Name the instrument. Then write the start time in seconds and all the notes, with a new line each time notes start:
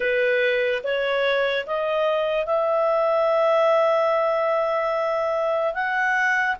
clarinet
0.00 B4
0.83 C#5
1.66 D#5
2.46 E5
5.73 F#5